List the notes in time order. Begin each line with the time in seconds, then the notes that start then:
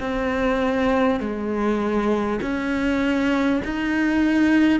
0.00 C4
1.20 G#3
2.42 C#4
3.64 D#4